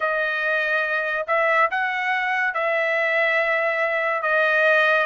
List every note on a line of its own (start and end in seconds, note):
0.00 1.26 D#5
1.27 1.69 E5
1.70 2.54 F#5
2.54 4.22 E5
4.22 5.06 D#5